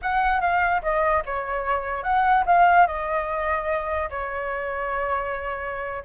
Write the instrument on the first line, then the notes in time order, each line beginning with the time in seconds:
flute
0.02 F#5
0.40 F5
0.82 D#5
1.25 C#5
2.03 F#5
2.45 F5
2.86 D#5
4.09 C#5